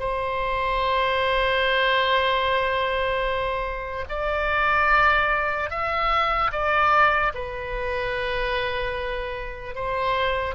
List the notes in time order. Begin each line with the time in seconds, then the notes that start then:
0.00 C5
4.09 D5
5.71 E5
6.52 D5
7.35 B4
9.76 C5